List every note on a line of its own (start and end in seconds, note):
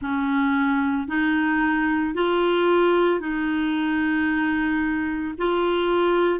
0.01 1.07 C#4
1.07 2.14 D#4
2.14 3.19 F4
3.19 5.34 D#4
5.38 6.39 F4